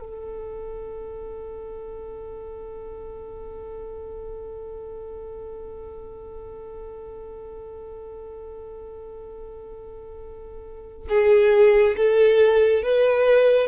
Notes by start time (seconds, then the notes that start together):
0.00 A4
11.09 G#4
11.97 A4
12.83 B4